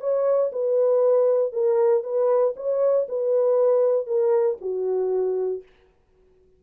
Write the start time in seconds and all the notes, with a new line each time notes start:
0.00 C#5
0.52 B4
1.52 A#4
2.03 B4
2.56 C#5
3.09 B4
4.06 A#4
4.61 F#4